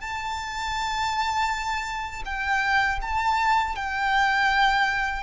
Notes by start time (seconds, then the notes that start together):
0.00 A5
2.25 G5
3.01 A5
3.75 G5